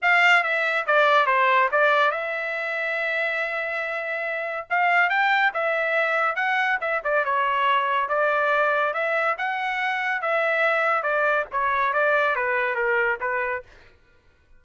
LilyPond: \new Staff \with { instrumentName = "trumpet" } { \time 4/4 \tempo 4 = 141 f''4 e''4 d''4 c''4 | d''4 e''2.~ | e''2. f''4 | g''4 e''2 fis''4 |
e''8 d''8 cis''2 d''4~ | d''4 e''4 fis''2 | e''2 d''4 cis''4 | d''4 b'4 ais'4 b'4 | }